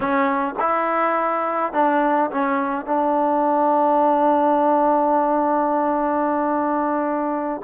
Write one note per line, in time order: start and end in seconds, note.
0.00 0.55 C#4
0.59 1.73 E4
1.73 2.30 D4
2.30 2.85 C#4
2.85 7.61 D4